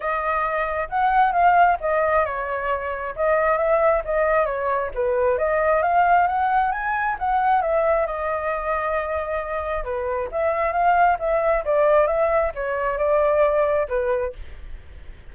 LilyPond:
\new Staff \with { instrumentName = "flute" } { \time 4/4 \tempo 4 = 134 dis''2 fis''4 f''4 | dis''4 cis''2 dis''4 | e''4 dis''4 cis''4 b'4 | dis''4 f''4 fis''4 gis''4 |
fis''4 e''4 dis''2~ | dis''2 b'4 e''4 | f''4 e''4 d''4 e''4 | cis''4 d''2 b'4 | }